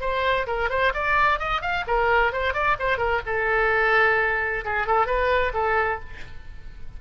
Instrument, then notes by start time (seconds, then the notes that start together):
oboe
0.00 C5
0.47 A#4
0.69 C5
0.94 D5
1.39 D#5
1.61 F5
1.87 A#4
2.32 C5
2.53 D5
2.79 C5
2.97 A#4
3.26 A4
4.64 G#4
4.87 A4
5.06 B4
5.53 A4